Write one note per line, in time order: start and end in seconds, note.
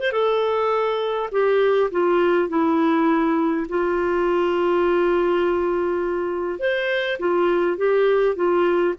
0.00 0.12 C5
0.12 1.30 A4
1.32 1.91 G4
1.92 2.49 F4
2.49 3.67 E4
3.69 6.60 F4
6.60 7.18 C5
7.20 7.77 F4
7.77 8.36 G4
8.36 8.95 F4